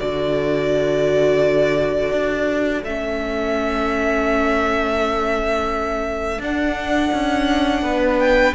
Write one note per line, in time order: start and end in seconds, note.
0.00 2.12 D3
0.00 2.86 F#4
0.00 7.85 A4
0.00 2.84 D5
2.12 2.83 D4
2.84 6.39 A3
2.84 6.41 C#4
2.84 6.42 E5
6.39 7.10 D4
6.39 8.55 D4
6.39 8.19 F#5
7.14 7.82 C#4
7.82 8.54 B3
7.82 8.55 B4
8.19 8.55 G5